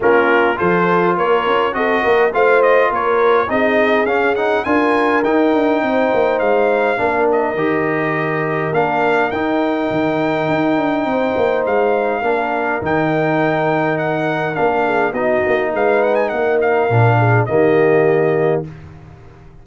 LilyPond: <<
  \new Staff \with { instrumentName = "trumpet" } { \time 4/4 \tempo 4 = 103 ais'4 c''4 cis''4 dis''4 | f''8 dis''8 cis''4 dis''4 f''8 fis''8 | gis''4 g''2 f''4~ | f''8 dis''2~ dis''8 f''4 |
g''1 | f''2 g''2 | fis''4 f''4 dis''4 f''8 fis''16 gis''16 | fis''8 f''4. dis''2 | }
  \new Staff \with { instrumentName = "horn" } { \time 4/4 f'4 a'4 ais'4 a'8 ais'8 | c''4 ais'4 gis'2 | ais'2 c''2 | ais'1~ |
ais'2. c''4~ | c''4 ais'2.~ | ais'4. gis'8 fis'4 b'4 | ais'4. gis'8 g'2 | }
  \new Staff \with { instrumentName = "trombone" } { \time 4/4 cis'4 f'2 fis'4 | f'2 dis'4 cis'8 dis'8 | f'4 dis'2. | d'4 g'2 d'4 |
dis'1~ | dis'4 d'4 dis'2~ | dis'4 d'4 dis'2~ | dis'4 d'4 ais2 | }
  \new Staff \with { instrumentName = "tuba" } { \time 4/4 ais4 f4 ais8 cis'8 c'8 ais8 | a4 ais4 c'4 cis'4 | d'4 dis'8 d'8 c'8 ais8 gis4 | ais4 dis2 ais4 |
dis'4 dis4 dis'8 d'8 c'8 ais8 | gis4 ais4 dis2~ | dis4 ais4 b8 ais8 gis4 | ais4 ais,4 dis2 | }
>>